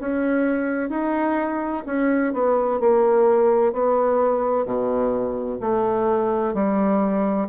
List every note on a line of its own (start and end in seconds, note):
0.00 0.89 C#4
0.89 1.83 D#4
1.86 2.33 C#4
2.33 2.80 B3
2.80 3.73 A#3
3.73 4.65 B3
4.65 5.59 B2
5.60 6.54 A3
6.54 7.48 G3